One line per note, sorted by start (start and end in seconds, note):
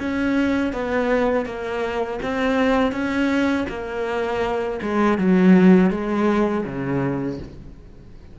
0.00 0.73 C#4
0.73 1.46 B3
1.46 2.20 A#3
2.23 2.92 C4
2.92 3.66 C#4
3.69 4.80 A#3
4.82 5.18 G#3
5.18 5.91 F#3
5.91 6.65 G#3
6.65 7.39 C#3